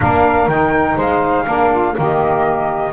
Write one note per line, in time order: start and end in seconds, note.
0.00 0.47 A#3
0.00 0.48 D4
0.00 0.96 A#4
0.00 0.49 F5
0.47 0.96 D#3
0.47 1.45 D#4
0.47 0.97 G5
0.96 1.45 G#3
0.96 1.45 C5
0.96 1.97 F5
1.45 1.96 A#3
1.45 1.94 D4
1.45 1.70 A#4
1.70 1.94 F4
1.94 2.92 D#3
1.94 2.91 A#3
1.94 2.92 G4
1.94 2.92 D#5